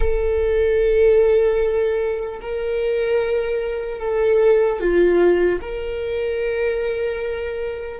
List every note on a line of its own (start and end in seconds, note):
0.00 2.40 A4
2.41 4.00 A#4
4.00 4.80 A4
4.80 5.60 F4
5.61 8.00 A#4